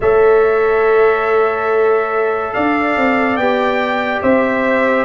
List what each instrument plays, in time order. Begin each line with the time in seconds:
0.00 tuba A3, trombone A4, horn C#5, trumpet E5
2.53 tuba D4, horn D5, trumpet F5
2.96 tuba C4
3.36 tuba B3, trombone G4, trumpet G5
4.22 tuba C4, horn C5, trumpet E5